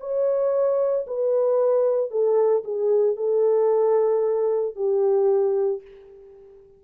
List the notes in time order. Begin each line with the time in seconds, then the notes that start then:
0.00 C#5
1.07 B4
2.11 A4
2.64 G#4
3.17 A4
4.76 G4